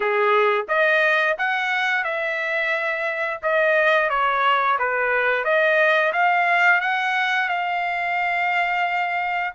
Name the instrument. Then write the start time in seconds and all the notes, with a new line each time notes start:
trumpet
0.00 G#4
0.68 D#5
1.38 F#5
2.04 E5
3.42 D#5
4.09 C#5
4.78 B4
5.44 D#5
6.12 F5
6.80 F#5
7.48 F5